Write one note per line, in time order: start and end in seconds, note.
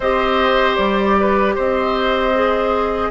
0.00 0.77 C4
0.00 2.34 G4
0.00 1.16 C5
0.00 0.75 D#5
0.75 1.55 G3
0.75 1.53 D5
1.19 1.55 B4
1.55 3.11 C4
1.55 3.11 C5
1.55 3.11 D#5
2.34 3.11 G#4